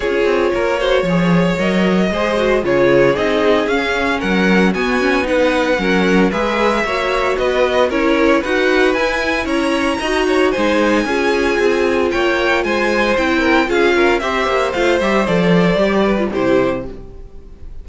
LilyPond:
<<
  \new Staff \with { instrumentName = "violin" } { \time 4/4 \tempo 4 = 114 cis''2. dis''4~ | dis''4 cis''4 dis''4 f''4 | fis''4 gis''4 fis''2 | e''2 dis''4 cis''4 |
fis''4 gis''4 ais''2 | gis''2. g''4 | gis''4 g''4 f''4 e''4 | f''8 e''8 d''2 c''4 | }
  \new Staff \with { instrumentName = "violin" } { \time 4/4 gis'4 ais'8 c''8 cis''2 | c''4 gis'2. | ais'4 fis'4 b'4 ais'4 | b'4 cis''4 b'4 ais'4 |
b'2 cis''4 dis''8 cis''8 | c''4 gis'2 cis''4 | c''4. ais'8 gis'8 ais'8 c''4~ | c''2~ c''8 b'8 g'4 | }
  \new Staff \with { instrumentName = "viola" } { \time 4/4 f'4. fis'8 gis'4 ais'4 | gis'8 fis'8 f'4 dis'4 cis'4~ | cis'4 b8 cis'8 dis'4 cis'4 | gis'4 fis'2 e'4 |
fis'4 e'2 fis'4 | dis'4 f'2.~ | f'4 e'4 f'4 g'4 | f'8 g'8 a'4 g'8. f'16 e'4 | }
  \new Staff \with { instrumentName = "cello" } { \time 4/4 cis'8 c'8 ais4 f4 fis4 | gis4 cis4 c'4 cis'4 | fis4 b2 fis4 | gis4 ais4 b4 cis'4 |
dis'4 e'4 cis'4 dis'4 | gis4 cis'4 c'4 ais4 | gis4 c'4 cis'4 c'8 ais8 | a8 g8 f4 g4 c4 | }
>>